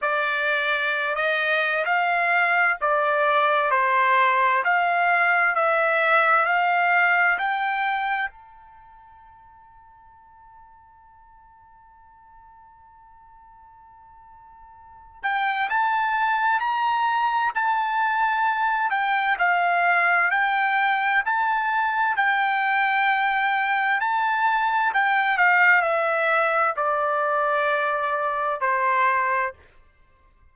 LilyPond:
\new Staff \with { instrumentName = "trumpet" } { \time 4/4 \tempo 4 = 65 d''4~ d''16 dis''8. f''4 d''4 | c''4 f''4 e''4 f''4 | g''4 a''2.~ | a''1~ |
a''8 g''8 a''4 ais''4 a''4~ | a''8 g''8 f''4 g''4 a''4 | g''2 a''4 g''8 f''8 | e''4 d''2 c''4 | }